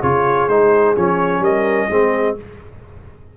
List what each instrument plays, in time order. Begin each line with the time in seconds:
0.00 tuba C#3, trombone F4, horn G#4, trumpet C#5
0.48 tuba G#3, trombone D#4, trumpet C5
0.96 tuba F3, trombone C#4, trumpet C#5
1.40 tuba G3, horn A#4, trumpet D#5
1.89 tuba G#3, trombone C4, horn G#4